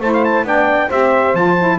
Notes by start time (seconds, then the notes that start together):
0.00 A3 E4 C5 A5
0.13 F5
0.24 A5
0.44 B3 D4 D5 G5
0.88 C4 G4 C5 E5
1.34 F3 F4 A5
1.58 E4